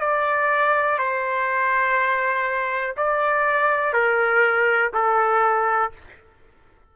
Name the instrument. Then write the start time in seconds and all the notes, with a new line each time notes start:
trumpet
0.00 D5
0.98 C5
2.97 D5
3.93 A#4
4.94 A4